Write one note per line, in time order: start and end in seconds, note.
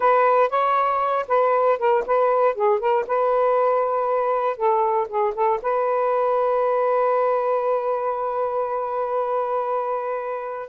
0.00 0.49 B4
0.49 1.26 C#5
1.28 1.78 B4
1.78 2.04 A#4
2.06 2.54 B4
2.54 2.79 G#4
2.79 3.05 A#4
3.07 4.56 B4
4.56 5.07 A4
5.08 5.33 G#4
5.34 5.60 A4
5.61 10.69 B4